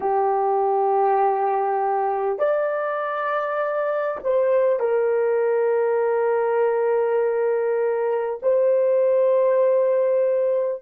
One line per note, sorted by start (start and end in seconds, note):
0.00 2.38 G4
2.38 4.18 D5
4.23 4.79 C5
4.79 8.39 A#4
8.42 10.82 C5